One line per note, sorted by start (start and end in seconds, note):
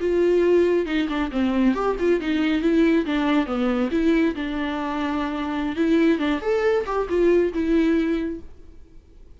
0.00 0.86 F4
0.86 1.08 D#4
1.09 1.31 D4
1.31 1.74 C4
1.74 1.96 G4
1.99 2.20 F4
2.20 2.62 D#4
2.62 3.05 E4
3.06 3.46 D4
3.46 3.90 B3
3.91 4.35 E4
4.35 5.76 D4
5.76 6.19 E4
6.19 6.41 D4
6.41 6.85 A4
6.86 7.08 G4
7.09 7.53 F4
7.53 8.40 E4